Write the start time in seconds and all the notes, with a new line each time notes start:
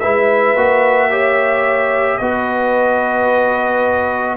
0.00 G#3 E4 B4 E5
0.56 A#3 F#4
1.10 G4 C#5
2.18 B3 F#4 B4 D#5